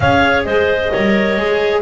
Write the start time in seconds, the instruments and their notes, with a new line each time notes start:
0.00 double bass C#4, viola G#4, clarinet C#5 F5
0.44 double bass G#3, clarinet C5 D#5
0.92 double bass G3, viola A#4, clarinet C#5
1.36 double bass G#3, viola G#4